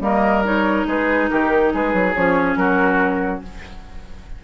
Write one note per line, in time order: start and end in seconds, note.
0.00 0.85 G3
0.00 0.43 A#3
0.00 0.87 A#4
0.00 0.45 D#5
0.44 2.14 D#4
0.44 0.88 C#5
0.87 1.29 G#3
0.87 1.30 G#4
0.87 1.29 B4
1.29 1.74 D#3
1.29 1.73 G4
1.29 1.71 A#4
1.73 1.93 G#3
1.73 2.59 G#4
1.73 2.14 B4
1.93 2.15 F#3
2.14 2.56 F3
2.14 3.43 C#4
2.14 2.56 C#5
2.56 3.41 F#3
2.56 3.44 F#4
2.56 3.41 A#4